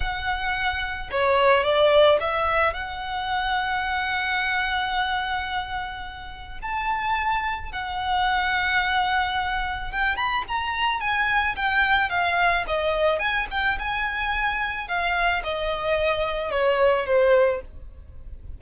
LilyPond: \new Staff \with { instrumentName = "violin" } { \time 4/4 \tempo 4 = 109 fis''2 cis''4 d''4 | e''4 fis''2.~ | fis''1 | a''2 fis''2~ |
fis''2 g''8 b''8 ais''4 | gis''4 g''4 f''4 dis''4 | gis''8 g''8 gis''2 f''4 | dis''2 cis''4 c''4 | }